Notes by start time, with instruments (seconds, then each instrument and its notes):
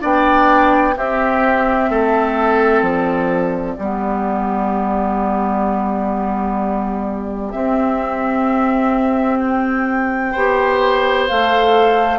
0.00 bassoon B3, clarinet D4, oboe D5, flute G5
0.97 bassoon C4, clarinet C4, oboe G4, flute E5
1.90 bassoon A3, oboe A4
2.82 bassoon F3, flute D5
3.76 bassoon G3, clarinet B3, oboe G4
7.51 clarinet C4, bassoon C4, flute E5
9.39 flute G5
10.32 bassoon B3, clarinet G4, oboe C5
11.28 bassoon A3, clarinet A4, flute F5